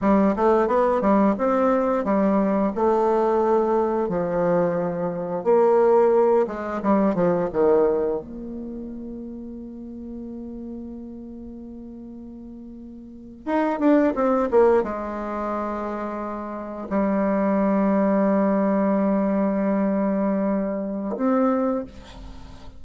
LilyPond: \new Staff \with { instrumentName = "bassoon" } { \time 4/4 \tempo 4 = 88 g8 a8 b8 g8 c'4 g4 | a2 f2 | ais4. gis8 g8 f8 dis4 | ais1~ |
ais2.~ ais8. dis'16~ | dis'16 d'8 c'8 ais8 gis2~ gis16~ | gis8. g2.~ g16~ | g2. c'4 | }